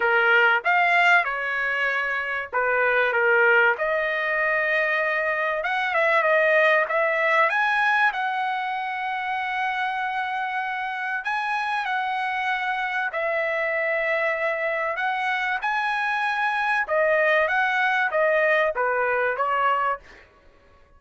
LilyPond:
\new Staff \with { instrumentName = "trumpet" } { \time 4/4 \tempo 4 = 96 ais'4 f''4 cis''2 | b'4 ais'4 dis''2~ | dis''4 fis''8 e''8 dis''4 e''4 | gis''4 fis''2.~ |
fis''2 gis''4 fis''4~ | fis''4 e''2. | fis''4 gis''2 dis''4 | fis''4 dis''4 b'4 cis''4 | }